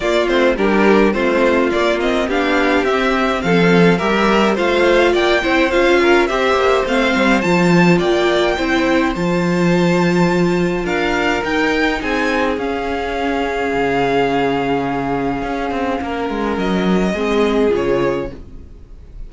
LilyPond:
<<
  \new Staff \with { instrumentName = "violin" } { \time 4/4 \tempo 4 = 105 d''8 c''8 ais'4 c''4 d''8 dis''8 | f''4 e''4 f''4 e''4 | f''4 g''4 f''4 e''4 | f''4 a''4 g''2 |
a''2. f''4 | g''4 gis''4 f''2~ | f''1~ | f''4 dis''2 cis''4 | }
  \new Staff \with { instrumentName = "violin" } { \time 4/4 f'4 g'4 f'2 | g'2 a'4 ais'4 | c''4 d''8 c''4 ais'8 c''4~ | c''2 d''4 c''4~ |
c''2. ais'4~ | ais'4 gis'2.~ | gis'1 | ais'2 gis'2 | }
  \new Staff \with { instrumentName = "viola" } { \time 4/4 ais8 c'8 d'4 c'4 ais8 c'8 | d'4 c'2 g'4 | f'4. e'8 f'4 g'4 | c'4 f'2 e'4 |
f'1 | dis'2 cis'2~ | cis'1~ | cis'2 c'4 f'4 | }
  \new Staff \with { instrumentName = "cello" } { \time 4/4 ais8 a8 g4 a4 ais4 | b4 c'4 f4 g4 | a4 ais8 c'8 cis'4 c'8 ais8 | a8 g8 f4 ais4 c'4 |
f2. d'4 | dis'4 c'4 cis'2 | cis2. cis'8 c'8 | ais8 gis8 fis4 gis4 cis4 | }
>>